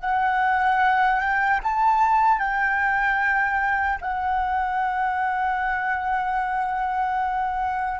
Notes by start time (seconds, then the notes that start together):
0.00 F#5
1.20 G5
1.63 A5
2.39 G5
4.01 F#5